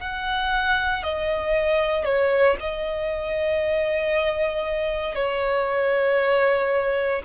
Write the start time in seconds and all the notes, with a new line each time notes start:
0.00 F#5
1.03 D#5
2.05 C#5
2.60 D#5
5.15 C#5